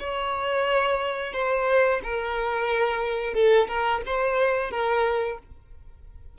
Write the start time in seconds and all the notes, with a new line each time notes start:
0.00 C#5
1.33 C5
2.04 A#4
3.34 A4
3.68 A#4
4.06 C5
4.71 A#4